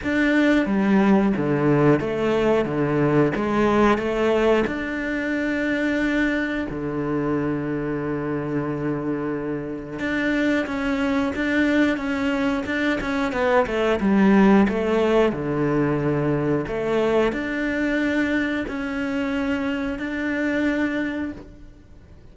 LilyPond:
\new Staff \with { instrumentName = "cello" } { \time 4/4 \tempo 4 = 90 d'4 g4 d4 a4 | d4 gis4 a4 d'4~ | d'2 d2~ | d2. d'4 |
cis'4 d'4 cis'4 d'8 cis'8 | b8 a8 g4 a4 d4~ | d4 a4 d'2 | cis'2 d'2 | }